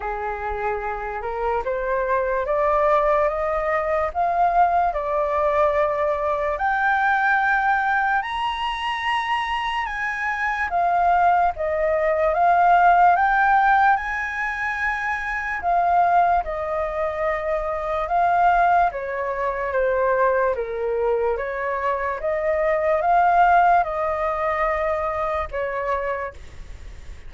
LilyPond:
\new Staff \with { instrumentName = "flute" } { \time 4/4 \tempo 4 = 73 gis'4. ais'8 c''4 d''4 | dis''4 f''4 d''2 | g''2 ais''2 | gis''4 f''4 dis''4 f''4 |
g''4 gis''2 f''4 | dis''2 f''4 cis''4 | c''4 ais'4 cis''4 dis''4 | f''4 dis''2 cis''4 | }